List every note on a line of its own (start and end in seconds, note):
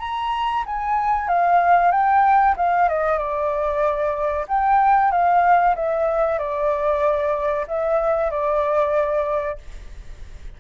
0.00 0.64 A#5
0.66 1.28 G#5
1.28 1.91 F5
1.91 2.55 G5
2.57 2.89 F5
2.89 3.18 D#5
3.18 4.46 D5
4.48 5.11 G5
5.11 5.75 F5
5.75 6.39 E5
6.39 7.66 D5
7.67 8.31 E5
8.31 9.58 D5